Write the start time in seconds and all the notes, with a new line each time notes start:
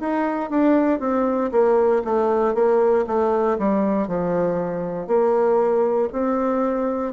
0.00 D#4
0.50 D4
0.99 C4
1.52 A#3
2.04 A3
2.54 A#3
3.06 A3
3.58 G3
4.07 F3
5.07 A#3
6.12 C4